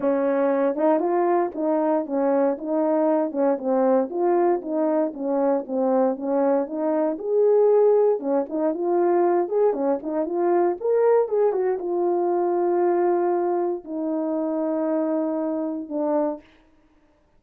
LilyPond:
\new Staff \with { instrumentName = "horn" } { \time 4/4 \tempo 4 = 117 cis'4. dis'8 f'4 dis'4 | cis'4 dis'4. cis'8 c'4 | f'4 dis'4 cis'4 c'4 | cis'4 dis'4 gis'2 |
cis'8 dis'8 f'4. gis'8 cis'8 dis'8 | f'4 ais'4 gis'8 fis'8 f'4~ | f'2. dis'4~ | dis'2. d'4 | }